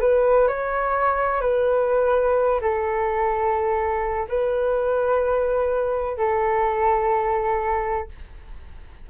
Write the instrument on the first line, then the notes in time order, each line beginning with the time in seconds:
flute
0.00 B4
0.48 C#5
1.41 B4
2.61 A4
4.28 B4
6.17 A4